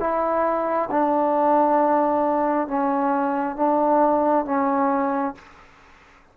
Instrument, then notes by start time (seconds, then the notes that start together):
trombone
0.00 E4
0.91 D4
2.68 C#4
3.57 D4
4.46 C#4